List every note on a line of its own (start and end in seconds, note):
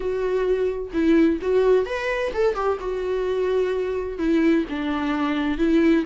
0.00 0.91 F#4
0.93 1.39 E4
1.41 1.85 F#4
1.85 2.32 B4
2.33 2.55 A4
2.55 2.78 G4
2.79 4.18 F#4
4.18 4.64 E4
4.69 5.58 D4
5.58 6.04 E4